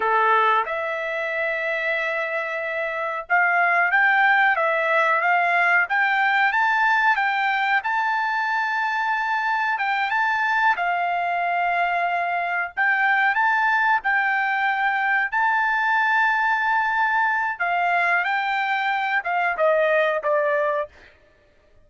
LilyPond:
\new Staff \with { instrumentName = "trumpet" } { \time 4/4 \tempo 4 = 92 a'4 e''2.~ | e''4 f''4 g''4 e''4 | f''4 g''4 a''4 g''4 | a''2. g''8 a''8~ |
a''8 f''2. g''8~ | g''8 a''4 g''2 a''8~ | a''2. f''4 | g''4. f''8 dis''4 d''4 | }